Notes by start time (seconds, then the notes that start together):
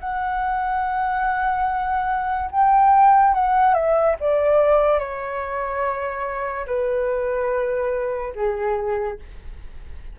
0.00 F#5
2.51 G5
3.34 F#5
3.74 E5
4.20 D5
4.99 C#5
6.66 B4
8.35 G#4